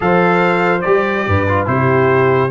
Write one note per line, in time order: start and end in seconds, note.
0.00 0.84 F3
0.00 0.80 A4
0.00 1.28 C5
0.00 0.81 F5
0.81 1.27 G3
0.81 1.47 G4
0.81 1.65 D5
1.27 1.67 G2
1.27 1.69 B4
1.48 1.66 F4
1.66 2.50 C3
1.66 2.49 E4
1.66 2.50 G4
1.66 2.50 C5